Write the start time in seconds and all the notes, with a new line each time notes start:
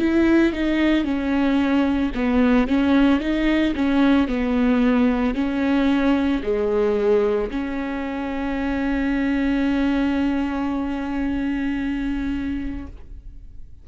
0.00 E4
0.53 D#4
1.05 C#4
2.15 B3
2.67 C#4
3.20 D#4
3.75 C#4
4.28 B3
5.35 C#4
6.43 G#3
7.51 C#4